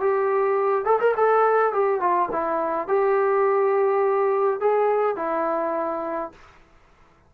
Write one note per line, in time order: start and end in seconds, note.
0.00 0.85 G4
0.85 0.99 A4
1.00 1.15 A#4
1.16 1.73 A4
1.73 2.00 G4
2.00 2.29 F4
2.32 2.88 E4
2.88 4.60 G4
4.60 5.16 G#4
5.16 6.32 E4